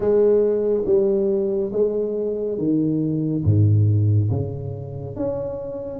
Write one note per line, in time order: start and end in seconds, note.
0.00 0.84 G#3
0.85 1.71 G3
1.72 2.58 G#3
2.58 3.43 D#3
3.44 4.29 G#2
4.30 5.16 C#3
5.16 5.99 C#4